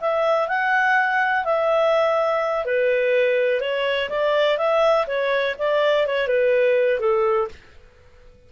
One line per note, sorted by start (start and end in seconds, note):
0.00 0.48 E5
0.48 1.44 F#5
1.44 2.65 E5
2.65 3.60 B4
3.60 4.09 C#5
4.09 4.57 D5
4.57 5.06 E5
5.07 5.55 C#5
5.58 6.06 D5
6.06 6.27 C#5
6.27 6.99 B4
6.99 7.48 A4